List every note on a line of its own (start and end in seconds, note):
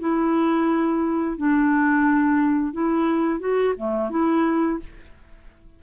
0.00 1.37 E4
1.37 2.73 D4
2.73 3.40 E4
3.40 3.74 F#4
3.77 4.10 A3
4.10 4.79 E4